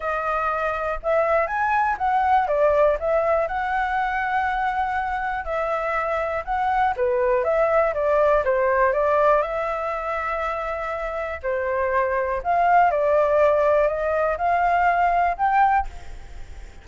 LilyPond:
\new Staff \with { instrumentName = "flute" } { \time 4/4 \tempo 4 = 121 dis''2 e''4 gis''4 | fis''4 d''4 e''4 fis''4~ | fis''2. e''4~ | e''4 fis''4 b'4 e''4 |
d''4 c''4 d''4 e''4~ | e''2. c''4~ | c''4 f''4 d''2 | dis''4 f''2 g''4 | }